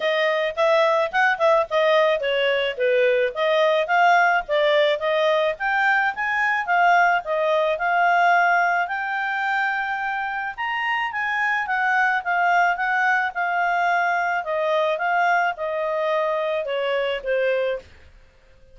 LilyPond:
\new Staff \with { instrumentName = "clarinet" } { \time 4/4 \tempo 4 = 108 dis''4 e''4 fis''8 e''8 dis''4 | cis''4 b'4 dis''4 f''4 | d''4 dis''4 g''4 gis''4 | f''4 dis''4 f''2 |
g''2. ais''4 | gis''4 fis''4 f''4 fis''4 | f''2 dis''4 f''4 | dis''2 cis''4 c''4 | }